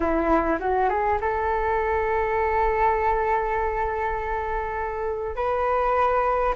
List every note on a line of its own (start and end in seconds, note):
0.00 0.58 E4
0.59 0.89 F#4
0.89 1.19 G#4
1.20 5.35 A4
5.35 6.54 B4